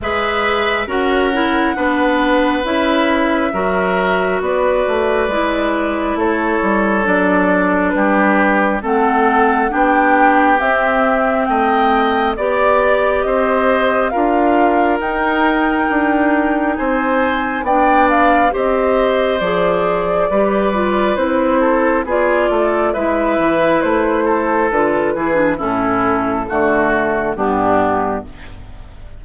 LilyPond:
<<
  \new Staff \with { instrumentName = "flute" } { \time 4/4 \tempo 4 = 68 e''4 fis''2 e''4~ | e''4 d''2 cis''4 | d''4 b'4 fis''4 g''4 | e''4 g''4 d''4 dis''4 |
f''4 g''2 gis''4 | g''8 f''8 dis''4 d''2 | c''4 d''4 e''4 c''4 | b'4 a'2 g'4 | }
  \new Staff \with { instrumentName = "oboe" } { \time 4/4 b'4 ais'4 b'2 | ais'4 b'2 a'4~ | a'4 g'4 a'4 g'4~ | g'4 dis''4 d''4 c''4 |
ais'2. c''4 | d''4 c''2 b'4~ | b'8 a'8 gis'8 a'8 b'4. a'8~ | a'8 gis'8 e'4 fis'4 d'4 | }
  \new Staff \with { instrumentName = "clarinet" } { \time 4/4 gis'4 fis'8 e'8 d'4 e'4 | fis'2 e'2 | d'2 c'4 d'4 | c'2 g'2 |
f'4 dis'2. | d'4 g'4 gis'4 g'8 f'8 | e'4 f'4 e'2 | f'8 e'16 d'16 cis'4 a4 b4 | }
  \new Staff \with { instrumentName = "bassoon" } { \time 4/4 gis4 cis'4 b4 cis'4 | fis4 b8 a8 gis4 a8 g8 | fis4 g4 a4 b4 | c'4 a4 b4 c'4 |
d'4 dis'4 d'4 c'4 | b4 c'4 f4 g4 | c'4 b8 a8 gis8 e8 a4 | d8 e8 a,4 d4 g,4 | }
>>